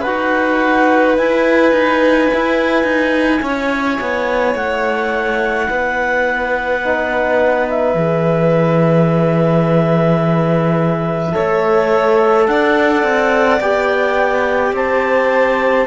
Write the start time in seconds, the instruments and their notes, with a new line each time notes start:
0.00 cello D#4, trombone F#4, violin B4, clarinet F#5
1.15 trombone E4, cello E4, clarinet G#5
1.72 cello D#4
2.33 cello E4
2.83 cello D#4
3.42 cello C#4, violin C#5
4.01 cello B3
4.54 cello A3, clarinet F#5
5.69 cello B3, violin B4
6.84 trombone D#4
7.69 clarinet E5
7.94 cello E3, trombone G#4
11.32 trombone A4, violin C#5
11.39 cello A3
12.46 cello D4, violin D5, clarinet F#5
13.03 cello C4
13.60 cello B3, trombone G4, clarinet G5
14.72 cello C4, violin C5, clarinet A5